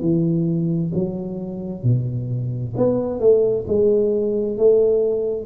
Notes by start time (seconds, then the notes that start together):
0.00 E3
0.94 F#3
1.83 B2
2.76 B3
3.19 A3
3.67 G#3
4.57 A3